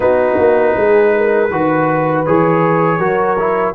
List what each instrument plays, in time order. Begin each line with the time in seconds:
0.00 tuba B3, trombone D#4, horn F#4, trumpet B4
0.37 tuba A#3
0.76 tuba G#3, horn G#4
1.17 horn A#4
1.50 tuba D#3, trombone F#4, horn B4
2.25 tuba E3, trombone G#4, trumpet C#5
2.98 tuba F#3, trombone F#4, horn A#4
3.39 trombone E4